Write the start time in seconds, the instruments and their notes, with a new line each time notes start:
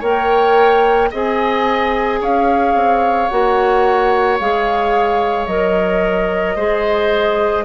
0.00 bassoon A#3, clarinet A#4, oboe C#5, flute G5
1.11 bassoon C4, clarinet G#4, oboe D#5, flute G#5
2.20 bassoon C#4, oboe C#5, flute F5
2.75 bassoon C4
3.29 bassoon A#3, clarinet F#4, flute F#5
4.40 bassoon G#3, clarinet G#4, flute F5
5.47 bassoon F#3, clarinet A#4, flute D#5
6.55 bassoon G#3, clarinet G#4, oboe C5